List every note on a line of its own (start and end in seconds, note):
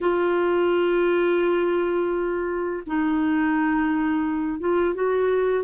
0.01 2.83 F4
2.86 4.59 D#4
4.59 4.94 F4
4.94 5.64 F#4